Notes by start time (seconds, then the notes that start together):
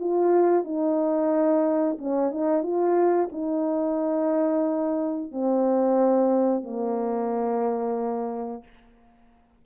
0.00 F4
0.65 D#4
1.98 C#4
2.32 D#4
2.63 F4
3.32 D#4
5.32 C4
6.63 A#3